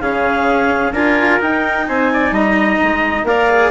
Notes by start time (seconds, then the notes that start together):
0.00 C#3 C#4 G#4 F5
0.92 D4 F4 A#4 G#5
1.40 D#4 G5
1.88 C4 C5 G#5
2.13 D5
2.31 G3 D#5 A#5
2.83 G#3
3.23 A#3 A#4 D5 F5
3.49 G#4